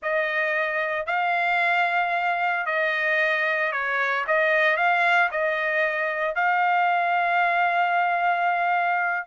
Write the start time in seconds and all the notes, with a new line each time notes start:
0.02 D#5
1.06 F5
2.65 D#5
3.71 C#5
4.27 D#5
4.76 F5
5.31 D#5
6.35 F5